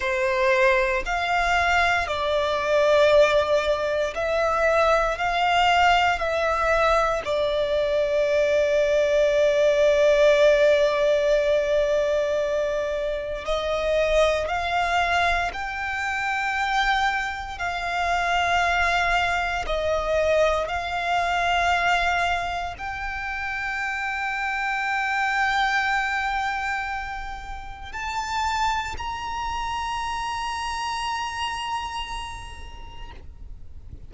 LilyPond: \new Staff \with { instrumentName = "violin" } { \time 4/4 \tempo 4 = 58 c''4 f''4 d''2 | e''4 f''4 e''4 d''4~ | d''1~ | d''4 dis''4 f''4 g''4~ |
g''4 f''2 dis''4 | f''2 g''2~ | g''2. a''4 | ais''1 | }